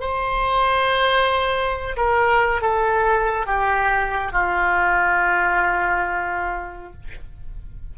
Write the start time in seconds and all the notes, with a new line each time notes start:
0.00 C5
1.96 A#4
2.61 A4
3.46 G4
4.32 F4